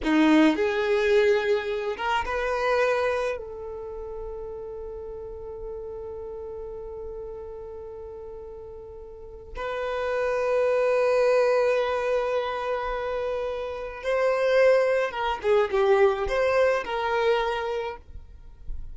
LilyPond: \new Staff \with { instrumentName = "violin" } { \time 4/4 \tempo 4 = 107 dis'4 gis'2~ gis'8 ais'8 | b'2 a'2~ | a'1~ | a'1~ |
a'4 b'2.~ | b'1~ | b'4 c''2 ais'8 gis'8 | g'4 c''4 ais'2 | }